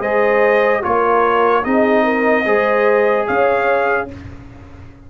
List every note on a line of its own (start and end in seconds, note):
0.00 0.81 G#3
0.00 0.82 G#4
0.00 0.81 C5
0.00 0.83 D#5
0.82 1.65 A#3
0.82 1.63 F4
0.82 1.64 A#4
0.82 1.64 C#5
1.63 2.46 C4
1.63 2.44 D#4
1.63 2.03 G#4
1.63 3.26 D#5
2.03 2.44 A#4
2.46 3.27 G#3
2.46 4.08 G#4
2.46 3.27 C5
3.27 4.10 C#4
3.27 4.08 C#5
3.27 4.08 F5